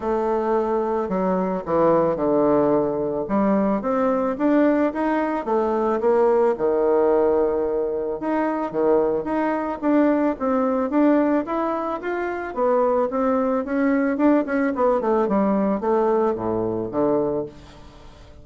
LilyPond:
\new Staff \with { instrumentName = "bassoon" } { \time 4/4 \tempo 4 = 110 a2 fis4 e4 | d2 g4 c'4 | d'4 dis'4 a4 ais4 | dis2. dis'4 |
dis4 dis'4 d'4 c'4 | d'4 e'4 f'4 b4 | c'4 cis'4 d'8 cis'8 b8 a8 | g4 a4 a,4 d4 | }